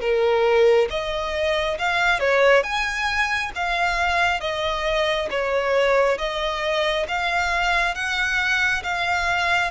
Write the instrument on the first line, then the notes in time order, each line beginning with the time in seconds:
violin
0.00 A#4
0.90 D#5
1.78 F5
2.20 C#5
2.63 G#5
3.55 F5
4.40 D#5
5.31 C#5
6.18 D#5
7.08 F5
7.95 F#5
8.83 F5